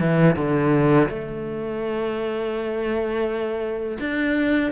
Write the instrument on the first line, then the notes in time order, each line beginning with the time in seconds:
cello
0.00 E3
0.36 D3
1.09 A3
4.00 D4